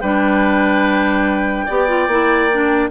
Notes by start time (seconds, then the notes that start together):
0.00 G3 D4 B4 G5
1.65 B3 G4 D5
1.87 F4
2.07 A#3 E4
2.51 D4